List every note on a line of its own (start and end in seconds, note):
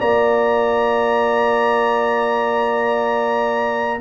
0.00 4.01 A#3
0.00 4.01 F4
0.00 4.00 D5
0.00 4.01 A#5